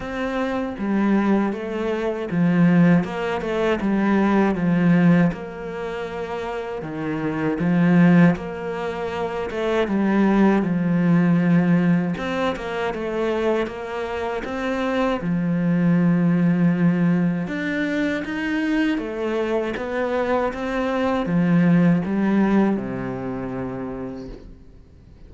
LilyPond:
\new Staff \with { instrumentName = "cello" } { \time 4/4 \tempo 4 = 79 c'4 g4 a4 f4 | ais8 a8 g4 f4 ais4~ | ais4 dis4 f4 ais4~ | ais8 a8 g4 f2 |
c'8 ais8 a4 ais4 c'4 | f2. d'4 | dis'4 a4 b4 c'4 | f4 g4 c2 | }